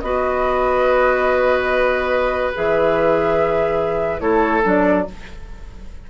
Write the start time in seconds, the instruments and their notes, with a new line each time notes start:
0.00 bassoon B3, clarinet F#4, oboe B4, flute D#5
2.54 bassoon E3, clarinet G#4, flute E5
4.20 bassoon A3, clarinet E4, oboe A4, flute C#5
4.63 bassoon F#3, clarinet D4, flute D5